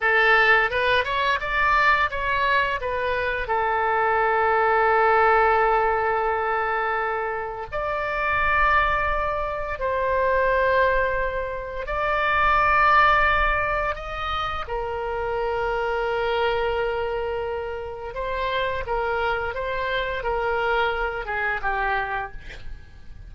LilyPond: \new Staff \with { instrumentName = "oboe" } { \time 4/4 \tempo 4 = 86 a'4 b'8 cis''8 d''4 cis''4 | b'4 a'2.~ | a'2. d''4~ | d''2 c''2~ |
c''4 d''2. | dis''4 ais'2.~ | ais'2 c''4 ais'4 | c''4 ais'4. gis'8 g'4 | }